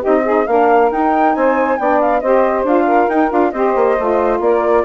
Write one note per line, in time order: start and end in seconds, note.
0.00 0.25 D#4
0.00 0.22 G4
0.00 0.47 D#5
0.06 0.47 C4
0.25 0.48 D#4
0.25 0.46 G#4
0.47 0.91 A#3
0.47 0.92 D4
0.47 1.36 A#4
0.47 0.91 F5
0.91 1.35 D#4
0.91 1.79 D#4
0.91 1.35 G5
1.35 1.79 C4
1.35 1.79 C5
1.35 1.79 G#5
1.79 2.22 B3
1.79 2.23 D4
1.79 2.22 D5
1.79 2.00 G5
2.01 2.21 F5
2.21 2.64 C4
2.21 2.66 G4
2.21 2.86 C5
2.21 2.64 D#5
2.64 3.07 D4
2.64 3.10 F4
2.64 3.09 F5
2.86 3.51 A#4
3.09 3.31 D#4
3.09 3.31 G5
3.31 3.53 D4
3.31 3.53 F4
3.31 3.51 F5
3.51 3.75 C4
3.51 3.98 G4
3.51 4.41 C5
3.51 4.39 D#5
3.76 3.98 A#3
3.99 4.40 A3
3.99 4.85 F4
4.40 4.84 A#3
4.40 4.85 A#4
4.40 4.85 D5